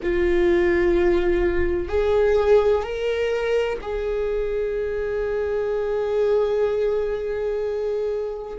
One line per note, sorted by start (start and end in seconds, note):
0.02 1.88 F4
1.88 2.83 G#4
2.83 3.78 A#4
3.81 8.58 G#4